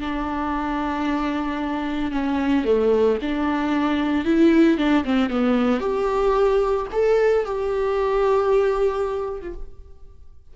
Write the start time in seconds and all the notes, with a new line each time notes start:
0.00 D4
2.12 C#4
2.65 A3
3.22 D4
4.25 E4
4.77 D4
5.04 C4
5.30 B3
5.80 G4
6.92 A4
7.45 G4
9.41 F4